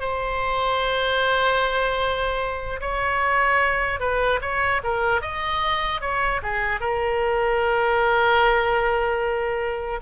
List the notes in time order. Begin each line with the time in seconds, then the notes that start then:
0.00 C5
2.80 C#5
4.00 B4
4.41 C#5
4.84 A#4
5.21 D#5
6.01 C#5
6.43 G#4
6.80 A#4